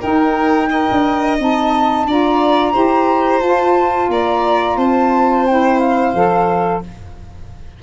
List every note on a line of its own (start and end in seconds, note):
0.00 0.68 D#4
0.00 0.89 D#4
0.00 0.69 A#4
0.00 1.38 G5
0.70 1.38 A#4
0.70 2.07 D#5
0.91 1.39 D4
1.38 2.05 C4
1.38 2.06 D#4
1.38 2.10 A5
2.05 2.74 D4
2.05 2.73 F4
2.05 2.73 D5
2.05 3.41 A#5
2.73 3.41 E4
2.73 3.41 G4
2.73 4.09 C5
3.41 4.09 F4
3.41 5.47 F4
3.41 4.10 A5
4.09 4.77 A#3
4.09 4.77 D5
4.09 4.78 A#5
4.77 6.13 C4
4.77 6.82 C5
4.77 5.47 A5
5.47 6.15 E4
5.47 5.80 G5
5.80 6.82 F5
6.14 6.83 F3
6.14 6.83 A4